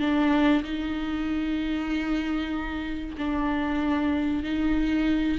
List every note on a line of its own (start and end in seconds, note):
0.00 0.63 D4
0.64 3.16 D#4
3.18 4.44 D4
4.44 5.38 D#4